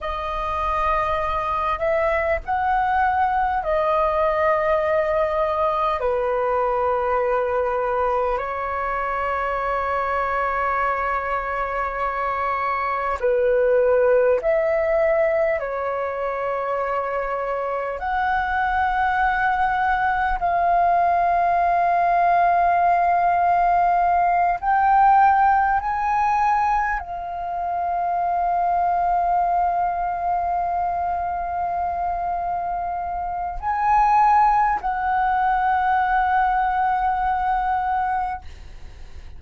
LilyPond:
\new Staff \with { instrumentName = "flute" } { \time 4/4 \tempo 4 = 50 dis''4. e''8 fis''4 dis''4~ | dis''4 b'2 cis''4~ | cis''2. b'4 | e''4 cis''2 fis''4~ |
fis''4 f''2.~ | f''8 g''4 gis''4 f''4.~ | f''1 | gis''4 fis''2. | }